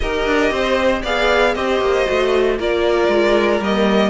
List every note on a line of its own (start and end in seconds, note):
0.00 0.26 D#4
0.00 1.05 G4
0.00 0.52 A#4
0.00 1.03 D#5
0.26 0.51 D4
0.51 1.03 C4
0.51 1.02 C5
1.02 1.55 B3
1.02 1.56 G#4
1.02 1.53 D5
1.02 1.54 F5
1.54 1.80 C4
1.54 2.05 G4
1.54 2.58 C5
1.54 2.58 D#5
1.80 2.06 A#3
2.05 2.59 A3
2.05 2.57 F#4
2.58 3.07 A#3
2.58 3.62 F4
2.58 4.09 A#4
2.58 3.63 D5
3.07 3.59 G#3
3.59 4.09 G3
3.59 4.09 A#3
3.59 4.09 D#5